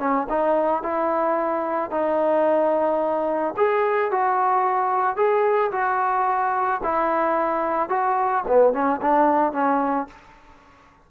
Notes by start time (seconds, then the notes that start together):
0.00 C#4
0.30 D#4
0.83 E4
1.91 D#4
3.57 G#4
4.12 F#4
5.17 G#4
5.72 F#4
6.84 E4
7.90 F#4
8.48 B3
8.73 C#4
9.02 D4
9.53 C#4